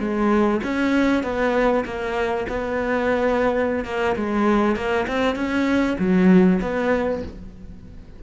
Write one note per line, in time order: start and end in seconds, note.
0.00 0.61 G#3
0.64 1.24 C#4
1.24 1.85 B3
1.86 2.47 A#3
2.49 3.85 B3
3.85 4.16 A#3
4.16 4.76 G#3
4.76 5.07 A#3
5.08 5.36 C4
5.36 5.97 C#4
5.99 6.60 F#3
6.62 7.23 B3